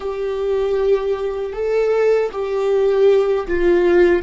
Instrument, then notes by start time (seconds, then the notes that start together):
viola
0.00 G4
1.52 A4
2.31 G4
3.47 F4